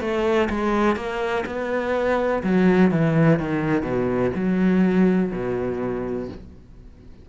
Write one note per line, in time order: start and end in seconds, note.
0.00 0.48 A3
0.50 0.96 G#3
0.96 1.44 A#3
1.46 2.43 B3
2.43 2.91 F#3
2.91 3.39 E3
3.39 3.82 D#3
3.82 4.31 B2
4.35 5.32 F#3
5.32 6.29 B2